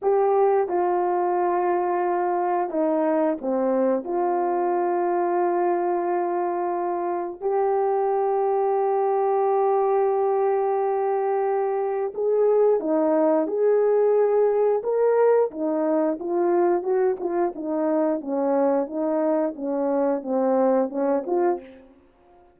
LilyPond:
\new Staff \with { instrumentName = "horn" } { \time 4/4 \tempo 4 = 89 g'4 f'2. | dis'4 c'4 f'2~ | f'2. g'4~ | g'1~ |
g'2 gis'4 dis'4 | gis'2 ais'4 dis'4 | f'4 fis'8 f'8 dis'4 cis'4 | dis'4 cis'4 c'4 cis'8 f'8 | }